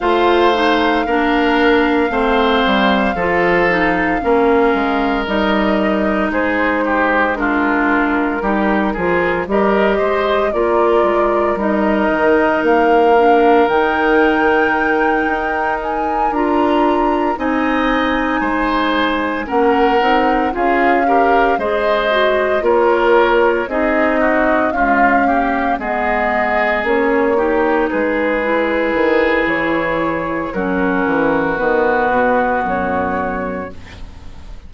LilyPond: <<
  \new Staff \with { instrumentName = "flute" } { \time 4/4 \tempo 4 = 57 f''1~ | f''4 dis''4 c''4 ais'4~ | ais'4 dis''4 d''4 dis''4 | f''4 g''2 gis''8 ais''8~ |
ais''8 gis''2 fis''4 f''8~ | f''8 dis''4 cis''4 dis''4 f''8~ | f''8 dis''4 cis''4 b'4. | cis''4 ais'4 b'4 cis''4 | }
  \new Staff \with { instrumentName = "oboe" } { \time 4/4 c''4 ais'4 c''4 a'4 | ais'2 gis'8 g'8 f'4 | g'8 gis'8 ais'8 c''8 ais'2~ | ais'1~ |
ais'8 dis''4 c''4 ais'4 gis'8 | ais'8 c''4 ais'4 gis'8 fis'8 f'8 | g'8 gis'4. g'8 gis'4.~ | gis'4 fis'2. | }
  \new Staff \with { instrumentName = "clarinet" } { \time 4/4 f'8 dis'8 d'4 c'4 f'8 dis'8 | cis'4 dis'2 d'4 | dis'8 f'8 g'4 f'4 dis'4~ | dis'8 d'8 dis'2~ dis'8 f'8~ |
f'8 dis'2 cis'8 dis'8 f'8 | g'8 gis'8 fis'8 f'4 dis'4 gis8 | ais8 b4 cis'8 dis'4 e'4~ | e'4 cis'4 b2 | }
  \new Staff \with { instrumentName = "bassoon" } { \time 4/4 a4 ais4 a8 g8 f4 | ais8 gis8 g4 gis2 | g8 f8 g8 gis8 ais8 gis8 g8 dis8 | ais4 dis4. dis'4 d'8~ |
d'8 c'4 gis4 ais8 c'8 cis'8~ | cis'8 gis4 ais4 c'4 cis'8~ | cis'8 gis4 ais4 gis4 dis8 | e4 fis8 e8 dis8 b,8 fis,4 | }
>>